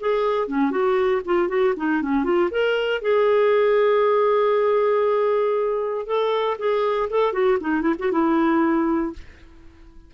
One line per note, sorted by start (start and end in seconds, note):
0.00 0.48 G#4
0.48 0.71 C#4
0.71 1.22 F#4
1.26 1.49 F4
1.49 1.74 F#4
1.77 2.02 D#4
2.02 2.24 C#4
2.24 2.50 F4
2.51 3.01 A#4
3.01 6.06 G#4
6.06 6.57 A4
6.58 7.09 G#4
7.10 7.33 A4
7.33 7.58 F#4
7.60 7.82 D#4
7.82 7.95 E4
7.99 8.11 F#4
8.11 9.13 E4